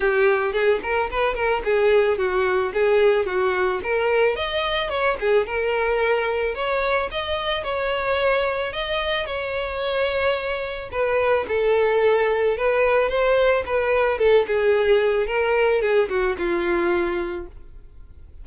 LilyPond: \new Staff \with { instrumentName = "violin" } { \time 4/4 \tempo 4 = 110 g'4 gis'8 ais'8 b'8 ais'8 gis'4 | fis'4 gis'4 fis'4 ais'4 | dis''4 cis''8 gis'8 ais'2 | cis''4 dis''4 cis''2 |
dis''4 cis''2. | b'4 a'2 b'4 | c''4 b'4 a'8 gis'4. | ais'4 gis'8 fis'8 f'2 | }